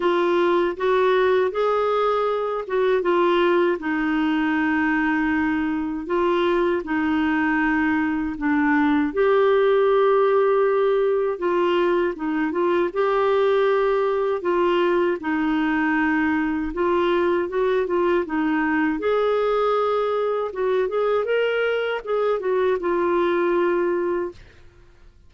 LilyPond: \new Staff \with { instrumentName = "clarinet" } { \time 4/4 \tempo 4 = 79 f'4 fis'4 gis'4. fis'8 | f'4 dis'2. | f'4 dis'2 d'4 | g'2. f'4 |
dis'8 f'8 g'2 f'4 | dis'2 f'4 fis'8 f'8 | dis'4 gis'2 fis'8 gis'8 | ais'4 gis'8 fis'8 f'2 | }